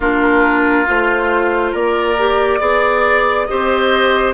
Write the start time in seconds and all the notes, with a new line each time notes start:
0.00 A#3 D4 F4 A#4
0.86 A3 F4 C5
1.71 A#3 A#4 D5
2.18 G4
2.60 B3 G#4 D5
3.45 C4 G4 C5 D#5